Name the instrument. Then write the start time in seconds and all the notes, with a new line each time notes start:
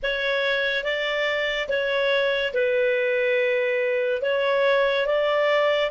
clarinet
0.02 C#5
0.84 D5
1.68 C#5
2.53 B4
4.22 C#5
5.06 D5